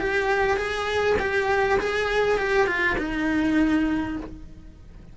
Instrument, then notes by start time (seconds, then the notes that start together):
cello
0.00 G4
0.57 G#4
1.19 G4
1.80 G#4
2.38 G4
2.67 F4
2.98 D#4